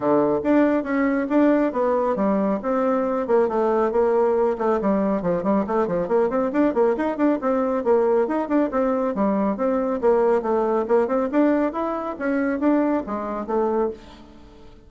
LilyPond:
\new Staff \with { instrumentName = "bassoon" } { \time 4/4 \tempo 4 = 138 d4 d'4 cis'4 d'4 | b4 g4 c'4. ais8 | a4 ais4. a8 g4 | f8 g8 a8 f8 ais8 c'8 d'8 ais8 |
dis'8 d'8 c'4 ais4 dis'8 d'8 | c'4 g4 c'4 ais4 | a4 ais8 c'8 d'4 e'4 | cis'4 d'4 gis4 a4 | }